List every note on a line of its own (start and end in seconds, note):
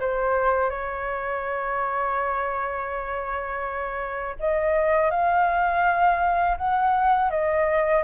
0.00 0.70 C5
0.70 4.36 C#5
4.40 5.11 D#5
5.11 6.57 F5
6.58 7.31 F#5
7.31 8.04 D#5